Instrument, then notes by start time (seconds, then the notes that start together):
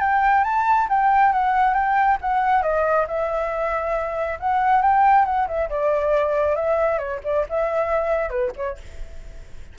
flute
0.00 G5
0.44 A5
0.89 G5
1.33 F#5
1.74 G5
2.21 F#5
2.62 D#5
3.08 E5
4.40 F#5
4.82 G5
5.25 F#5
5.47 E5
5.70 D5
6.56 E5
6.98 C#5
7.24 D5
7.49 E5
8.30 B4
8.56 C#5